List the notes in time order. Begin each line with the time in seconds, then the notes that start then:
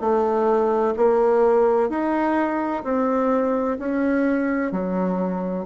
0.00 A3
0.96 A#3
1.89 D#4
2.84 C4
3.78 C#4
4.71 F#3